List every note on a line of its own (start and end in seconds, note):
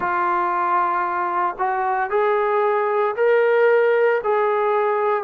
0.00 1.55 F4
1.58 2.10 F#4
2.10 3.15 G#4
3.16 4.21 A#4
4.23 5.23 G#4